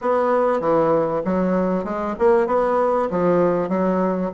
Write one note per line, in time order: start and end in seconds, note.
0.01 0.60 B3
0.60 1.22 E3
1.25 1.84 F#3
1.84 2.15 G#3
2.18 2.47 A#3
2.47 3.08 B3
3.10 3.69 F3
3.69 4.30 F#3